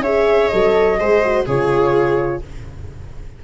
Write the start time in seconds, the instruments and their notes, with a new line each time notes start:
0.00 tuba C#4, horn G#4, viola C#5, flute E5
0.48 tuba F#3, horn A4, flute D#5
0.99 tuba G#3, horn G#4, viola C5
1.24 horn F#4
1.46 tuba C#3, horn F4, viola G#4, flute C#5